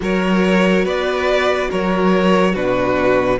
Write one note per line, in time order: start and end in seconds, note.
0.00 0.85 F#3
0.00 2.52 F#4
0.00 0.84 A#4
0.00 0.85 C#5
0.84 1.69 B3
0.84 1.68 B4
0.84 1.70 D5
1.70 2.55 F#3
1.70 2.52 A#4
1.70 2.54 C#5
2.52 3.39 B2
2.52 3.39 D4
2.52 3.37 F#4
2.52 3.39 B4